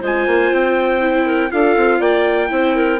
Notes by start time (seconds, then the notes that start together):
0.00 G#3 F4 C5 G#5
0.27 A#3
0.52 C4 G5
1.01 E4
1.26 A#4
1.51 D4 F4 A4 F5
1.77 C4
1.99 A#3 D5 G5
2.49 C4 E4 C5
2.76 A#4